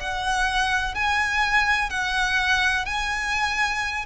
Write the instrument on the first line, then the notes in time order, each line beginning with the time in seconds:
violin
0.00 F#5
0.95 G#5
1.90 F#5
2.86 G#5